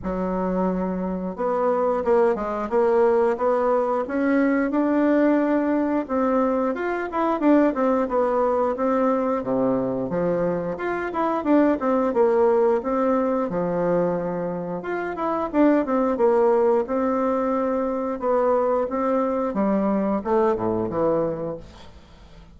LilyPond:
\new Staff \with { instrumentName = "bassoon" } { \time 4/4 \tempo 4 = 89 fis2 b4 ais8 gis8 | ais4 b4 cis'4 d'4~ | d'4 c'4 f'8 e'8 d'8 c'8 | b4 c'4 c4 f4 |
f'8 e'8 d'8 c'8 ais4 c'4 | f2 f'8 e'8 d'8 c'8 | ais4 c'2 b4 | c'4 g4 a8 a,8 e4 | }